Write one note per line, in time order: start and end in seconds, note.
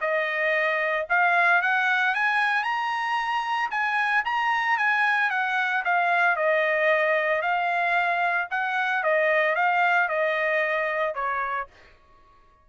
0.00 1.06 D#5
1.09 1.61 F5
1.61 2.14 F#5
2.14 2.63 G#5
2.63 3.69 A#5
3.70 4.23 G#5
4.25 4.77 A#5
4.77 5.30 G#5
5.30 5.83 F#5
5.84 6.36 F5
6.36 7.41 D#5
7.41 8.47 F5
8.50 9.03 F#5
9.03 9.55 D#5
9.55 10.08 F5
10.08 11.14 D#5
11.14 11.67 C#5